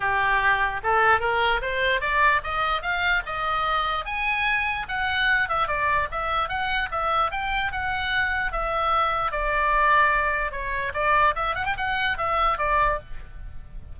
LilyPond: \new Staff \with { instrumentName = "oboe" } { \time 4/4 \tempo 4 = 148 g'2 a'4 ais'4 | c''4 d''4 dis''4 f''4 | dis''2 gis''2 | fis''4. e''8 d''4 e''4 |
fis''4 e''4 g''4 fis''4~ | fis''4 e''2 d''4~ | d''2 cis''4 d''4 | e''8 fis''16 g''16 fis''4 e''4 d''4 | }